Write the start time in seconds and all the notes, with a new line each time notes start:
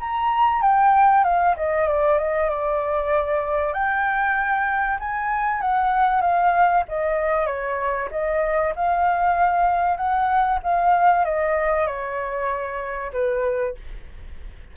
0.00 A#5
0.62 G5
1.24 F5
1.57 D#5
1.88 D5
2.19 D#5
2.50 D5
3.74 G5
5.00 G#5
5.62 F#5
6.22 F5
6.89 D#5
7.47 C#5
8.12 D#5
8.76 F5
9.97 F#5
10.64 F5
11.25 D#5
11.87 C#5
13.13 B4